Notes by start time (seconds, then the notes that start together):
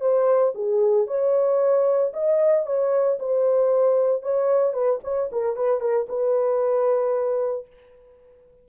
0.00 C5
0.55 G#4
1.07 C#5
2.13 D#5
2.66 C#5
3.19 C5
4.22 C#5
4.73 B4
5.03 C#5
5.32 A#4
5.56 B4
5.80 A#4
6.09 B4